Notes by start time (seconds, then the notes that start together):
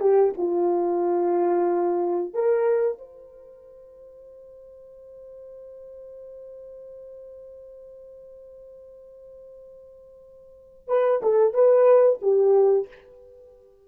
0.00 G4
0.37 F4
2.33 A#4
2.98 C5
10.87 B4
11.22 A4
11.53 B4
12.21 G4